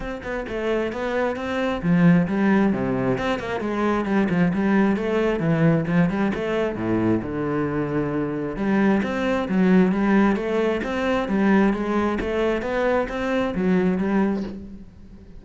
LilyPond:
\new Staff \with { instrumentName = "cello" } { \time 4/4 \tempo 4 = 133 c'8 b8 a4 b4 c'4 | f4 g4 c4 c'8 ais8 | gis4 g8 f8 g4 a4 | e4 f8 g8 a4 a,4 |
d2. g4 | c'4 fis4 g4 a4 | c'4 g4 gis4 a4 | b4 c'4 fis4 g4 | }